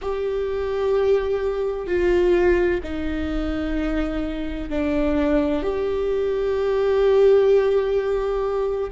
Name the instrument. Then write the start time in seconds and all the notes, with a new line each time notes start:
viola
0.01 G4
1.86 F4
2.83 D#4
4.69 D4
5.62 G4